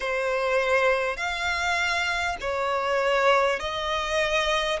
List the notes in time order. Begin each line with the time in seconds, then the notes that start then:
0.00 C5
1.17 F5
2.40 C#5
3.59 D#5